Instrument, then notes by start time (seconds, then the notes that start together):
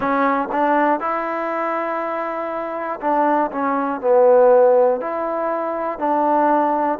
trombone
0.00 C#4
0.52 D4
1.00 E4
3.00 D4
3.51 C#4
4.00 B3
5.00 E4
5.99 D4